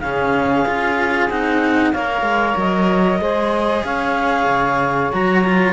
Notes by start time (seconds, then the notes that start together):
0.00 C#3 C#4 G#4 F5
0.65 C#4 F4
1.29 C4 D#4 F#5
1.92 A#3 A#4 C#5 F5
2.22 G#3
2.57 F#3 D#5
3.19 G#3 G#4 C5
3.84 C#4 C#5 F5
4.47 C#3
5.12 F#3 F#4 A#5
5.45 F4